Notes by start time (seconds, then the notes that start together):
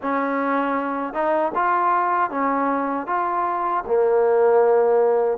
0.01 C#4
1.13 D#4
1.55 F4
2.30 C#4
3.07 F4
3.86 A#3